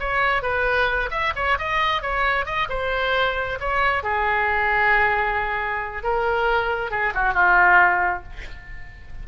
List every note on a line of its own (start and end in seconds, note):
0.00 0.43 C#5
0.43 1.10 B4
1.11 1.34 E5
1.36 1.58 C#5
1.59 2.02 D#5
2.02 2.46 C#5
2.46 2.68 D#5
2.70 3.59 C5
3.60 4.04 C#5
4.04 6.04 G#4
6.04 6.91 A#4
6.91 7.14 G#4
7.15 7.34 F#4
7.34 8.23 F4